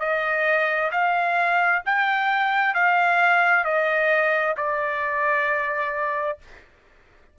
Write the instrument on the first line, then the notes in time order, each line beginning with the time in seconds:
trumpet
0.00 D#5
0.92 F5
1.86 G5
2.74 F5
3.64 D#5
4.57 D5